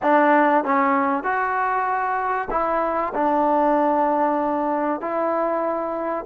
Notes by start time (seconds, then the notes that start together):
0.02 D4
0.64 C#4
1.23 F#4
2.50 E4
3.14 D4
5.01 E4